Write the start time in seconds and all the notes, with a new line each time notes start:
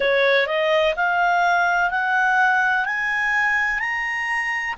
0.00 C#5
0.46 D#5
0.96 F5
1.90 F#5
2.85 G#5
3.79 A#5